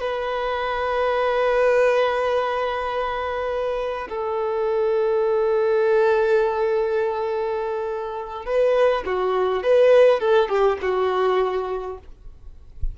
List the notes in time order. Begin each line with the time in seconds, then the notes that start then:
0.00 B4
4.09 A4
8.45 B4
9.06 F#4
9.63 B4
10.20 A4
10.49 G4
10.82 F#4